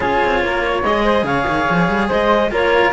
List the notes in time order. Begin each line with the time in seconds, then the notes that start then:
0.00 C#4 F4 G#4 C#5
0.24 C4
0.43 A#3 A#4
0.65 C#5
0.83 G#3 G#4 D#5
1.04 C5
1.23 C#3 C#5 F5
1.47 D#3
1.69 F3
1.88 G3
2.08 G#3 C5 D#5
2.50 A#3 F4 A#4 C#5